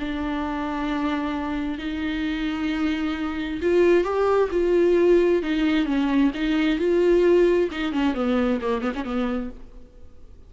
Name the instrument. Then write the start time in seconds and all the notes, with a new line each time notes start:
viola
0.00 D4
1.79 D#4
3.62 F4
4.04 G4
4.52 F4
5.43 D#4
5.86 C#4
6.35 D#4
6.79 F4
7.71 D#4
7.93 C#4
8.15 B3
8.62 A#3
8.82 B3
8.96 C#4
9.05 B3